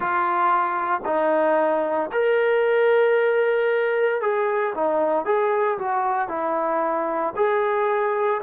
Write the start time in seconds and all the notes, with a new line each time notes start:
0.00 F4
1.05 D#4
2.11 A#4
4.21 G#4
4.74 D#4
5.25 G#4
5.78 F#4
6.28 E4
7.35 G#4